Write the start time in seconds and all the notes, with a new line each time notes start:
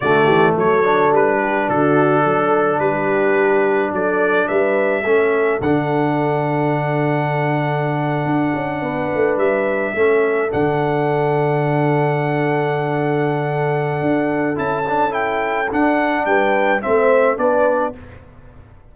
0.00 D3 A3 F#4 D5
0.24 E3 G4
0.54 F#3 A4 C#5
0.83 D4
1.11 G3 B4
1.40 G4
1.68 D3 F#4 A4
2.23 F#3 A4
2.78 G3 G4 B4
3.92 F#3 A4 D5
4.47 G3 B4 E5
5.04 A3 C#4 A4
5.60 D3 D4 F#5
8.25 D4
8.54 C#4
8.81 B3 B4
9.14 A3
9.36 G3 E5
9.94 A3 C#4 A4
10.50 D3 D4 F#5
14.01 D4
14.55 C#4 E4 A5
14.88 D4
15.09 E4 G5
15.71 D4 F#5
16.25 G3 B4 G5
16.81 A3 C4 C5 E5
17.36 B3 D4 B4 D5